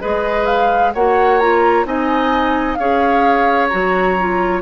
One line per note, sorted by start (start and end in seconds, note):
0.00 0.94 G#3
0.00 0.93 G#4
0.00 0.93 B4
0.00 0.46 D#5
0.46 0.92 F5
0.94 1.85 A#3
0.94 1.41 F#4
0.94 1.86 C#5
0.94 1.39 F#5
1.39 1.85 F4
1.39 1.85 A#5
1.85 2.77 C4
1.85 2.77 D#4
1.85 2.78 D#5
1.85 2.74 G#5
2.74 3.71 C#4
2.74 3.70 G#4
2.74 4.62 C#5
2.74 3.67 F5
3.68 4.62 F#3
3.68 4.16 F#4
3.68 4.60 A#5
4.19 4.62 F4